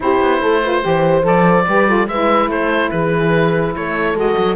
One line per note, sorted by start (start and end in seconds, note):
0.00 0.21 C4
0.00 0.61 E4
0.00 0.41 G4
0.00 1.26 C5
0.21 0.42 B3
0.41 0.84 A3
0.41 0.62 A4
0.63 0.82 F4
0.63 0.84 B4
0.82 1.23 E3
0.82 1.22 G4
0.82 1.68 C5
1.22 1.64 F3
1.22 1.63 A4
1.22 2.08 D5
1.67 2.07 G3
1.67 1.86 G4
1.67 1.88 B4
1.86 2.07 F4
1.86 2.09 A4
2.07 2.48 G#3
2.07 4.15 E4
2.07 2.49 B4
2.07 2.49 E5
2.48 2.90 A3
2.48 2.91 A4
2.48 2.90 C5
2.90 3.75 E3
2.90 3.74 G#4
2.90 3.73 B4
3.76 4.14 A3
3.76 4.55 A4
3.76 4.17 C#5
4.14 4.35 G#3
4.14 4.55 F#4
4.14 4.55 D#5
4.37 4.55 F#3